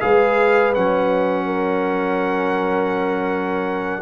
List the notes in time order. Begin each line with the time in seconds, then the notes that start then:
0.00 G#3 G#4 B4 F5
0.74 F#3 C#4 F#5
1.46 A#4